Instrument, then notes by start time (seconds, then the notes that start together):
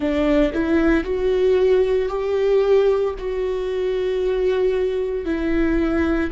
viola
0.00 D4
0.53 E4
1.04 F#4
2.09 G4
3.18 F#4
5.25 E4